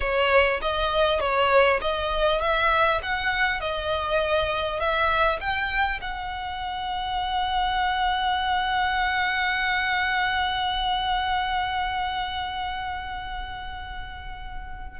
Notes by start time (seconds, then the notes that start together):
0.00 C#5
0.61 D#5
1.20 C#5
1.81 D#5
2.41 E5
3.02 F#5
3.60 D#5
4.79 E5
5.40 G5
6.01 F#5